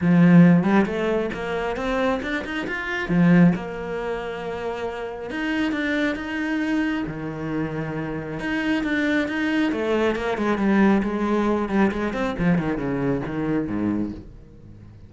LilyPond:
\new Staff \with { instrumentName = "cello" } { \time 4/4 \tempo 4 = 136 f4. g8 a4 ais4 | c'4 d'8 dis'8 f'4 f4 | ais1 | dis'4 d'4 dis'2 |
dis2. dis'4 | d'4 dis'4 a4 ais8 gis8 | g4 gis4. g8 gis8 c'8 | f8 dis8 cis4 dis4 gis,4 | }